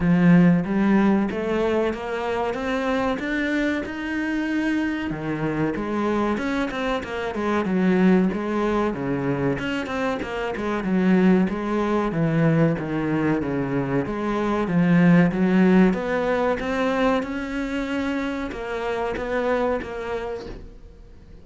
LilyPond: \new Staff \with { instrumentName = "cello" } { \time 4/4 \tempo 4 = 94 f4 g4 a4 ais4 | c'4 d'4 dis'2 | dis4 gis4 cis'8 c'8 ais8 gis8 | fis4 gis4 cis4 cis'8 c'8 |
ais8 gis8 fis4 gis4 e4 | dis4 cis4 gis4 f4 | fis4 b4 c'4 cis'4~ | cis'4 ais4 b4 ais4 | }